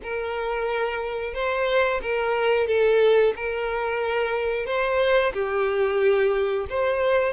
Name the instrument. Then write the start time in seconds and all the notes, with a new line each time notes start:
violin
0.02 A#4
1.34 C5
2.02 A#4
2.67 A4
3.35 A#4
4.65 C5
5.33 G4
6.69 C5